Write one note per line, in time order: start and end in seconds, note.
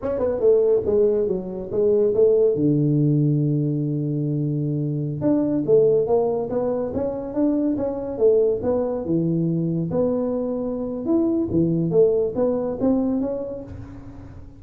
0.02 0.19 C#4
0.19 0.40 B3
0.40 0.82 A3
0.85 1.27 G#3
1.27 1.70 F#3
1.71 2.14 G#3
2.14 2.55 A3
2.55 5.21 D3
5.21 5.63 D4
5.66 6.06 A3
6.06 6.49 A#3
6.49 6.92 B3
6.94 7.34 C#4
7.34 7.76 D4
7.77 8.18 C#4
8.18 8.60 A3
8.62 9.05 B3
9.05 9.90 E3
9.90 11.05 B3
11.05 11.48 E4
11.50 11.91 E3
11.91 12.33 A3
12.35 12.78 B3
12.80 13.20 C4
13.20 13.63 C#4